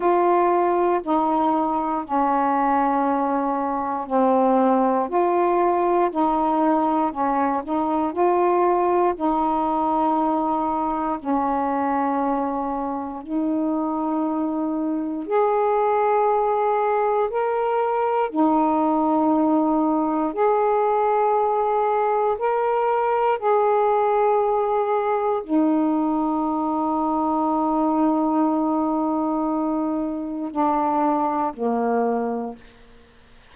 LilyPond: \new Staff \with { instrumentName = "saxophone" } { \time 4/4 \tempo 4 = 59 f'4 dis'4 cis'2 | c'4 f'4 dis'4 cis'8 dis'8 | f'4 dis'2 cis'4~ | cis'4 dis'2 gis'4~ |
gis'4 ais'4 dis'2 | gis'2 ais'4 gis'4~ | gis'4 dis'2.~ | dis'2 d'4 ais4 | }